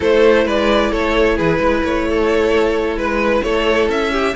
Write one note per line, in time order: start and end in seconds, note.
0.00 0.45 A3
0.00 4.35 E4
0.00 0.45 A4
0.00 0.47 C5
0.45 0.91 G#3
0.45 0.90 B4
0.45 0.91 D5
0.90 1.39 A3
0.90 1.36 A4
0.90 1.37 C#5
1.36 1.59 E3
1.36 1.59 G#4
1.36 1.83 B4
1.59 1.82 G#3
1.59 2.08 B4
1.83 2.96 A3
1.83 2.97 C#5
2.08 2.99 A4
2.96 3.42 G#3
2.96 3.42 B4
2.96 3.43 B4
3.42 3.89 A3
3.42 4.11 A4
3.42 3.88 C#5
3.89 4.34 C#4
3.89 4.35 E5
4.11 4.34 G4